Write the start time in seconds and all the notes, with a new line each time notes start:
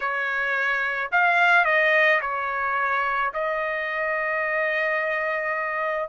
0.00 C#5
1.11 F5
1.64 D#5
2.21 C#5
3.33 D#5